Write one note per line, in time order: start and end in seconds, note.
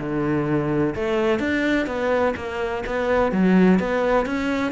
0.00 0.95 D3
0.96 1.40 A3
1.40 1.87 D4
1.87 2.35 B3
2.37 2.84 A#3
2.87 3.32 B3
3.32 3.80 F#3
3.80 4.26 B3
4.26 4.73 C#4